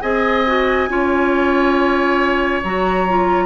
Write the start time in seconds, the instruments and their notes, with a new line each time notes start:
0.00 bassoon C4, clarinet G#4, oboe D#5, flute G#5
0.46 clarinet F#4
0.88 bassoon C#4, clarinet F4, oboe C#5
2.63 bassoon F#3, clarinet F#4, flute A#5
3.07 clarinet F4